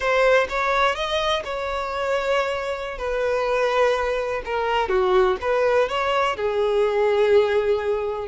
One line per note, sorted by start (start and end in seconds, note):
0.00 0.47 C5
0.49 0.95 C#5
0.95 1.43 D#5
1.44 2.98 C#5
2.98 4.42 B4
4.45 4.88 A#4
4.88 5.36 F#4
5.41 5.88 B4
5.88 6.36 C#5
6.36 8.28 G#4